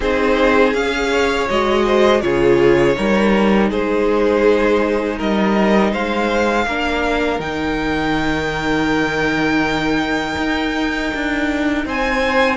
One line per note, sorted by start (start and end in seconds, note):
0.00 0.74 C4
0.00 0.74 D#4
0.00 1.10 G#4
0.00 0.73 C5
0.73 1.48 C#4
0.73 1.48 G#4
0.73 1.47 F5
1.11 1.85 C#5
1.49 2.22 G#3
1.49 2.22 F#4
1.49 2.21 D#5
1.85 2.22 C5
2.21 2.96 C#3
2.21 2.95 F4
2.21 2.96 G#4
2.21 3.69 C#5
2.95 3.71 G3
2.95 6.66 D#4
2.95 3.69 A#4
3.69 5.19 G#3
3.69 5.17 G#4
3.69 5.19 C5
5.17 5.92 G3
5.17 5.91 A#4
5.17 5.93 D#5
5.91 6.65 G#3
5.91 6.65 C5
5.91 7.40 F5
6.65 7.39 A#3
6.65 7.39 D4
6.65 11.85 A#4
7.39 10.35 D#3
7.39 12.56 D#4
7.39 11.85 G5
10.37 11.11 D#4
11.14 11.85 D4
11.85 12.56 C4
11.85 12.56 C5
11.85 12.56 G#5